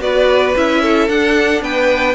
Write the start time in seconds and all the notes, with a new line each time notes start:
0.00 B3 F#4 B4 D5
0.55 C#4 E4 E5
0.81 A4
1.08 D4 F#5
1.61 B3 B4 G5